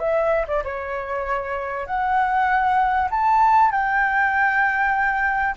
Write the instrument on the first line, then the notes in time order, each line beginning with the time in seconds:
flute
0.00 E5
0.48 D5
0.64 C#5
1.87 F#5
3.11 A5
3.72 G5